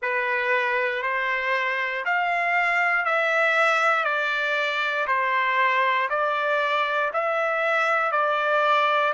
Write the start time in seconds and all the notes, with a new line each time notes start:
0.02 B4
1.02 C5
2.05 F5
3.05 E5
4.04 D5
5.07 C5
6.09 D5
7.13 E5
8.11 D5